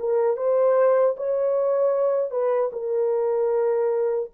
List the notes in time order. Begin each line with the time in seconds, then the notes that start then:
0.00 A#4
0.37 C5
1.17 C#5
2.31 B4
2.73 A#4